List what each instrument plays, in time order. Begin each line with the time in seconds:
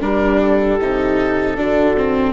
0.00 bassoon G3, viola D4, horn G4, oboe A#4
0.42 oboe A4
0.80 bassoon C3, viola D#4
1.56 bassoon D3, viola D4, horn F#4
1.97 viola C4